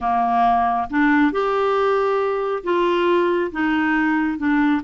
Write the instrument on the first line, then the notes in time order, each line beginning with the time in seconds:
clarinet
0.00 A#3
0.89 D4
1.31 G4
2.63 F4
3.51 D#4
4.37 D4